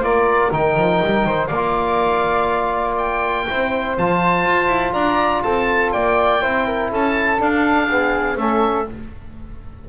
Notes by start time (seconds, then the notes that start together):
0.00 A#3 F4 A#4 D5
0.51 D#3 D#4 G5
0.76 F3
1.04 G3
1.24 D#3 C5
1.47 A#3 D5 F5
1.55 F4
2.98 G5
3.48 C4 E4 C5
3.97 F3 F4 A5
4.44 F4
4.68 E4
4.93 D4 D5 A#5
5.43 C4 A4 A5
5.92 A#3 D5 G5
6.41 C4 E4 C5
6.66 A#4
6.91 C#4 A4 A5
7.38 D4 F5
7.88 B3 G#4
8.36 A3 C#4 A4 E5